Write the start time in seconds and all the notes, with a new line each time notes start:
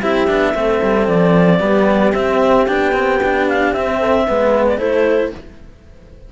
0.00 C4 E4 G4 E5
0.28 B3 D4
0.54 A3 C4 A4
0.83 G3
1.08 F3 D5
1.60 G3 B3 G4
2.13 C4 E5
2.67 B3 D4 G5
2.93 C4
3.24 D4
3.49 F5
3.73 C4 E5
3.99 A4
4.28 G#3 B3 B4
4.68 D5
4.78 A3 E4 A4 C5